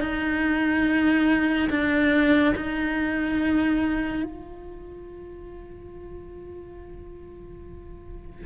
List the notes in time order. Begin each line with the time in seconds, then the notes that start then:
0.00 D#4
1.69 D4
2.55 D#4
4.23 F4